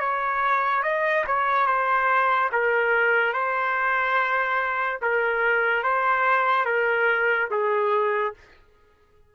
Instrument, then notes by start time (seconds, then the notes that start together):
trumpet
0.00 C#5
0.83 D#5
1.27 C#5
1.67 C5
2.52 A#4
3.33 C5
5.02 A#4
5.83 C5
6.66 A#4
7.51 G#4